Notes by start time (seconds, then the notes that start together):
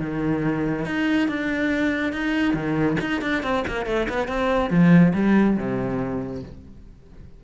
0.00 D#3
0.85 D#4
1.28 D4
2.13 D#4
2.54 D#3
3.01 D#4
3.22 D4
3.43 C4
3.68 A#3
3.86 A3
4.09 B3
4.28 C4
4.70 F3
5.14 G3
5.57 C3